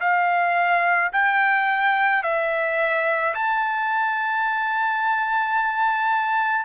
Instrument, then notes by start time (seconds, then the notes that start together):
trumpet
0.00 F5
1.13 G5
2.23 E5
3.35 A5